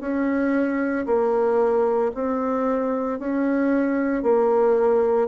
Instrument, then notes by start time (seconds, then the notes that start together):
bassoon
0.00 C#4
1.06 A#3
2.14 C4
3.19 C#4
4.23 A#3